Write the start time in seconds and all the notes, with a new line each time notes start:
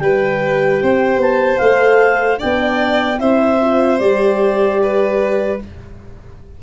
0.00 G3 G4 B4 G5
0.83 C4 C5
1.18 B3 A5
1.58 A3 A4 F5
2.38 D4 D5 G5
2.44 B3
3.19 C4 E4 C5 E5
3.61 F4
3.99 G3 G4 D5
4.83 B4